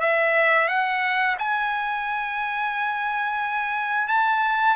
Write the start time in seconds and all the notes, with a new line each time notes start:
0.00 E5
0.68 F#5
1.39 G#5
4.08 A5